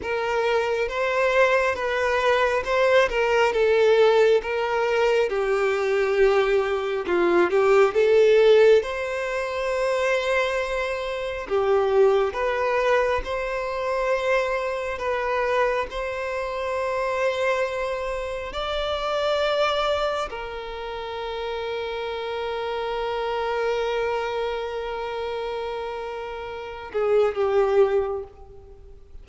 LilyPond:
\new Staff \with { instrumentName = "violin" } { \time 4/4 \tempo 4 = 68 ais'4 c''4 b'4 c''8 ais'8 | a'4 ais'4 g'2 | f'8 g'8 a'4 c''2~ | c''4 g'4 b'4 c''4~ |
c''4 b'4 c''2~ | c''4 d''2 ais'4~ | ais'1~ | ais'2~ ais'8 gis'8 g'4 | }